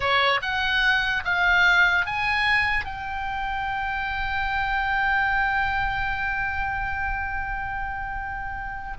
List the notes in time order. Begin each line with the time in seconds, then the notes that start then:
0.00 C#5
0.42 F#5
1.24 F5
2.05 G#5
2.84 G5